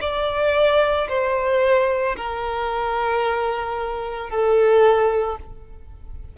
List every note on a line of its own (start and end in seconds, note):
0.00 1.07 D5
1.08 2.15 C5
2.16 4.30 A#4
4.30 5.37 A4